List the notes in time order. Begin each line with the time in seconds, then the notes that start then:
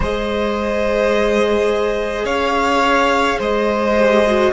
0.00 G#3 G#4 C5 D#5
2.24 C#4 C#5 F5
3.38 G#3 C5 D#5
3.96 G4
4.26 F#4